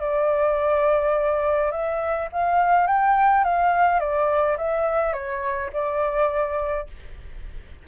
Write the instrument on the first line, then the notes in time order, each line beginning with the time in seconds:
flute
0.00 D5
1.72 E5
2.32 F5
2.87 G5
3.44 F5
4.00 D5
4.57 E5
5.13 C#5
5.73 D5